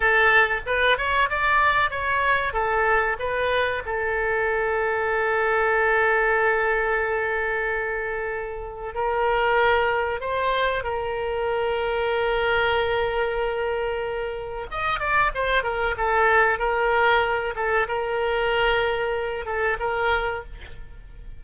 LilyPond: \new Staff \with { instrumentName = "oboe" } { \time 4/4 \tempo 4 = 94 a'4 b'8 cis''8 d''4 cis''4 | a'4 b'4 a'2~ | a'1~ | a'2 ais'2 |
c''4 ais'2.~ | ais'2. dis''8 d''8 | c''8 ais'8 a'4 ais'4. a'8 | ais'2~ ais'8 a'8 ais'4 | }